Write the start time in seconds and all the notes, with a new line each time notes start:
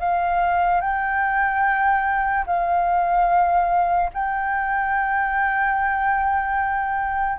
0.00 F5
0.81 G5
2.47 F5
4.14 G5